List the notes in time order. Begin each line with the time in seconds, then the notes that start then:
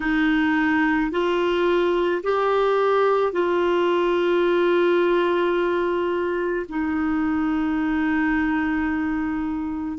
0.00 D#4
1.11 F4
2.23 G4
3.32 F4
6.69 D#4